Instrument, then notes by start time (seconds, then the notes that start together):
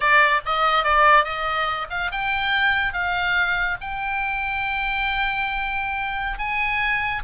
oboe
0.00 D5
0.45 D#5
0.84 D5
1.24 D#5
1.90 F5
2.11 G5
2.93 F5
3.80 G5
6.38 G#5